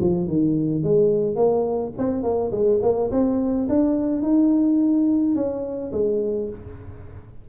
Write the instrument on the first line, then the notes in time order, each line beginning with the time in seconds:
tuba
0.00 F3
0.27 D#3
0.83 G#3
1.35 A#3
1.97 C4
2.23 A#3
2.51 G#3
2.82 A#3
3.11 C4
3.69 D4
4.22 D#4
5.35 C#4
5.92 G#3